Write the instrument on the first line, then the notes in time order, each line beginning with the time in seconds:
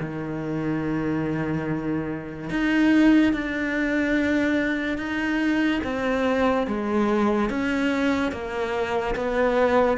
cello
0.00 D#3
2.49 D#4
3.33 D4
4.97 D#4
5.84 C4
6.67 G#3
7.50 C#4
8.31 A#3
9.15 B3